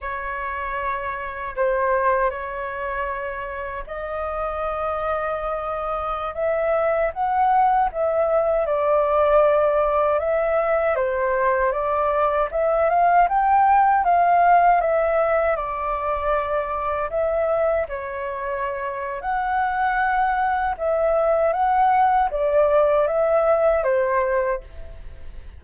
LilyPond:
\new Staff \with { instrumentName = "flute" } { \time 4/4 \tempo 4 = 78 cis''2 c''4 cis''4~ | cis''4 dis''2.~ | dis''16 e''4 fis''4 e''4 d''8.~ | d''4~ d''16 e''4 c''4 d''8.~ |
d''16 e''8 f''8 g''4 f''4 e''8.~ | e''16 d''2 e''4 cis''8.~ | cis''4 fis''2 e''4 | fis''4 d''4 e''4 c''4 | }